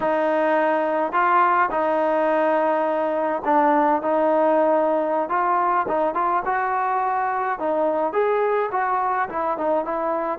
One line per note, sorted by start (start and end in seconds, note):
0.00 1.12 D#4
1.12 1.69 F4
1.70 3.42 D#4
3.44 4.02 D4
4.02 5.29 D#4
5.29 5.86 F4
5.88 6.14 D#4
6.14 6.42 F4
6.45 7.59 F#4
7.59 8.12 D#4
8.12 8.69 G#4
8.71 9.29 F#4
9.29 9.57 E4
9.57 9.84 D#4
9.84 10.38 E4